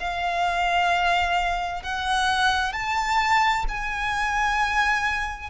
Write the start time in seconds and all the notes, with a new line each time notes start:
0.00 F5
1.83 F#5
2.73 A5
3.69 G#5